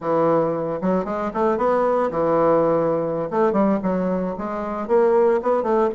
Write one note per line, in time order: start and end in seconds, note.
0.00 0.79 E3
0.81 1.04 F#3
1.04 1.31 G#3
1.33 1.57 A3
1.57 2.10 B3
2.10 3.29 E3
3.30 3.52 A3
3.52 3.78 G3
3.82 4.35 F#3
4.38 4.87 G#3
4.87 5.40 A#3
5.42 5.62 B3
5.62 5.89 A3